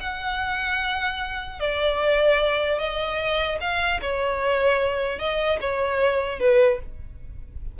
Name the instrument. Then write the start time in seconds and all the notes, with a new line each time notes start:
violin
0.00 F#5
1.60 D5
2.79 D#5
3.61 F5
4.02 C#5
5.19 D#5
5.61 C#5
6.40 B4